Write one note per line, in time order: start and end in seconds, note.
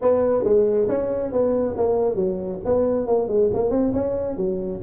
0.01 0.44 B3
0.44 0.88 G#3
0.88 1.32 C#4
1.32 1.75 B3
1.77 2.15 A#3
2.15 2.59 F#3
2.65 3.06 B3
3.06 3.27 A#3
3.27 3.49 G#3
3.53 3.70 A#3
3.70 3.92 C4
3.93 4.36 C#4
4.36 4.80 F#3